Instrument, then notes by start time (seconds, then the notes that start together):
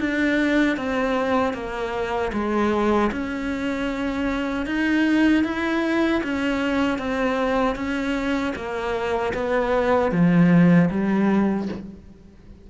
cello
0.00 D4
0.77 C4
1.54 A#3
2.33 G#3
3.12 C#4
4.66 D#4
5.44 E4
6.23 C#4
6.99 C4
7.76 C#4
8.56 A#3
9.34 B3
10.12 F3
10.91 G3